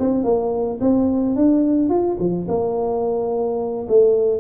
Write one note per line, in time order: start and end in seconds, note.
0.00 0.24 C4
0.24 0.80 A#3
0.81 1.36 C4
1.36 1.90 D4
1.90 2.17 F4
2.20 2.48 F3
2.48 3.87 A#3
3.89 4.40 A3